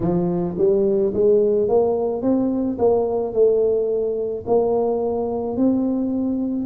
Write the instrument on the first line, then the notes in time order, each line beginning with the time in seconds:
tuba
0.00 F3
0.58 G3
1.13 G#3
1.68 A#3
2.22 C4
2.78 A#3
3.33 A3
4.46 A#3
5.56 C4